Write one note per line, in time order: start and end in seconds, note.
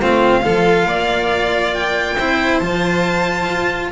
0.00 0.45 A3
0.00 0.43 C4
0.00 0.44 F4
0.00 1.74 F5
0.43 0.85 F3
0.43 2.17 F4
0.43 0.87 A4
0.85 2.16 A#3
0.85 2.16 D5
1.74 2.59 G5
2.16 2.61 C4
2.16 2.62 E4
2.16 3.90 C5
2.59 3.48 F3
2.59 3.92 F4
2.59 3.89 A5
3.49 3.92 F4